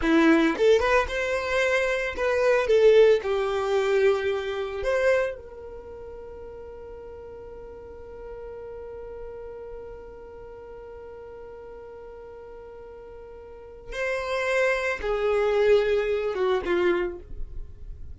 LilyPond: \new Staff \with { instrumentName = "violin" } { \time 4/4 \tempo 4 = 112 e'4 a'8 b'8 c''2 | b'4 a'4 g'2~ | g'4 c''4 ais'2~ | ais'1~ |
ais'1~ | ais'1~ | ais'2 c''2 | gis'2~ gis'8 fis'8 f'4 | }